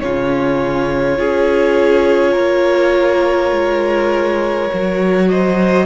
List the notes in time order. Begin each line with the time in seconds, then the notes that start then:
0.00 C#3 C#4 F4 C#5
1.16 C#4 F4 G#4
2.32 A#3 A#4
3.51 G#3
4.70 F#3 F#4
5.28 C5 D#5